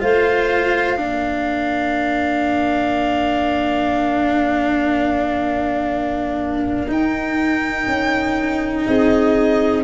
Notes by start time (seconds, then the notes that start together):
0.00 A3 F4 C5 F5
0.97 A#3 D4 A#4
6.88 D#4 G5
7.87 C#4
8.87 C4 G#4 D#5